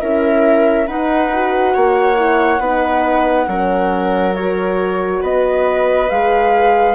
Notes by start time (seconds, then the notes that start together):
0.00 C#4 E4 A#4 E5
0.86 D#4 B4 F#5
1.33 F#4
1.74 A#3 C#5
2.15 E4
2.59 B3 D#4 B4
3.47 F#3 C#4 A#4
4.35 F#4 C#5
5.22 B3 B4 D#5
6.10 G#3 G#4 F5